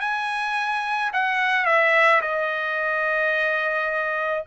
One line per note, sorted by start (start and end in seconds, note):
0.00 1.11 G#5
1.13 1.65 F#5
1.65 2.21 E5
2.21 4.43 D#5